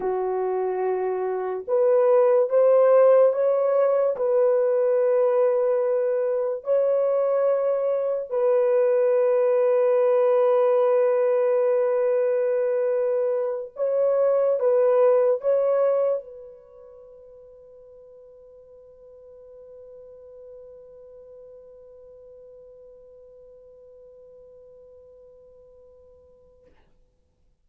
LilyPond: \new Staff \with { instrumentName = "horn" } { \time 4/4 \tempo 4 = 72 fis'2 b'4 c''4 | cis''4 b'2. | cis''2 b'2~ | b'1~ |
b'8 cis''4 b'4 cis''4 b'8~ | b'1~ | b'1~ | b'1 | }